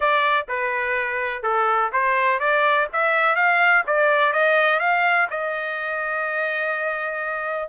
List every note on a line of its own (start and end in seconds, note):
0.00 0.47 D5
0.48 1.43 B4
1.43 1.91 A4
1.92 2.39 C5
2.39 2.87 D5
2.92 3.35 E5
3.35 3.83 F5
3.86 4.32 D5
4.32 4.79 D#5
4.79 5.27 F5
5.30 7.69 D#5